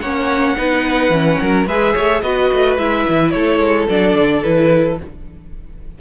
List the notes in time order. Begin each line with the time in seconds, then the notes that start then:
0.00 A#3 C#4 C#5 F#5
0.57 B3 D#4 B4
1.10 E3 C#4
1.41 F#3 A#4
1.67 G#3 G#4 B4 E5
1.94 A3 C#5
2.22 B3 F#4 B4 D#5
2.53 A3
2.78 G#3 E4 E5
3.09 E3
3.31 A3 A4 C#5
3.60 G#3
3.90 F#3 D4 D5
4.15 D3
4.44 E3 E4 B4